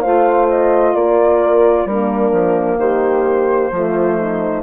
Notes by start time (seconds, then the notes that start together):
0.00 A3 F4 C5 F5
0.49 D#5
0.94 A#3 A#4 D5
1.85 G3 A#3 D4 A#4
2.32 F3
2.78 D#3 G4 C5
3.71 F3 A3 F4
4.18 D#4